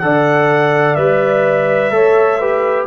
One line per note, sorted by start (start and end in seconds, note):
0.00 0.97 D3
0.00 0.97 A4
0.00 1.94 D5
0.00 0.95 F#5
0.95 1.90 G3
0.95 1.91 B4
0.95 2.86 E5
1.90 2.86 A3
1.90 2.39 A4
1.90 2.40 C#5
2.40 2.87 G4
2.40 2.87 B4